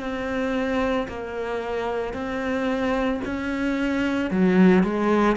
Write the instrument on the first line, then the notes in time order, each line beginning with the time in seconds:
cello
0.00 C4
1.08 A#3
2.13 C4
3.25 C#4
4.30 F#3
4.83 G#3